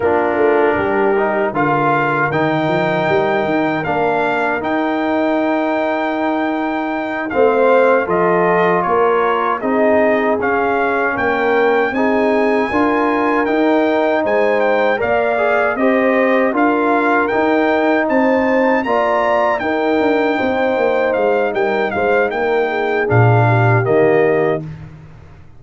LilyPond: <<
  \new Staff \with { instrumentName = "trumpet" } { \time 4/4 \tempo 4 = 78 ais'2 f''4 g''4~ | g''4 f''4 g''2~ | g''4. f''4 dis''4 cis''8~ | cis''8 dis''4 f''4 g''4 gis''8~ |
gis''4. g''4 gis''8 g''8 f''8~ | f''8 dis''4 f''4 g''4 a''8~ | a''8 ais''4 g''2 f''8 | g''8 f''8 g''4 f''4 dis''4 | }
  \new Staff \with { instrumentName = "horn" } { \time 4/4 f'4 g'4 ais'2~ | ais'1~ | ais'4. c''4 a'4 ais'8~ | ais'8 gis'2 ais'4 gis'8~ |
gis'8 ais'2 c''4 d''8~ | d''8 c''4 ais'2 c''8~ | c''8 d''4 ais'4 c''4. | ais'8 c''8 ais'8 gis'4 g'4. | }
  \new Staff \with { instrumentName = "trombone" } { \time 4/4 d'4. dis'8 f'4 dis'4~ | dis'4 d'4 dis'2~ | dis'4. c'4 f'4.~ | f'8 dis'4 cis'2 dis'8~ |
dis'8 f'4 dis'2 ais'8 | gis'8 g'4 f'4 dis'4.~ | dis'8 f'4 dis'2~ dis'8~ | dis'2 d'4 ais4 | }
  \new Staff \with { instrumentName = "tuba" } { \time 4/4 ais8 a8 g4 d4 dis8 f8 | g8 dis8 ais4 dis'2~ | dis'4. a4 f4 ais8~ | ais8 c'4 cis'4 ais4 c'8~ |
c'8 d'4 dis'4 gis4 ais8~ | ais8 c'4 d'4 dis'4 c'8~ | c'8 ais4 dis'8 d'8 c'8 ais8 gis8 | g8 gis8 ais4 ais,4 dis4 | }
>>